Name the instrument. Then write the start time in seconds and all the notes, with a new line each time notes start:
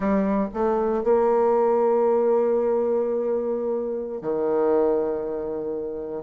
bassoon
0.00 G3
0.53 A3
1.03 A#3
4.21 D#3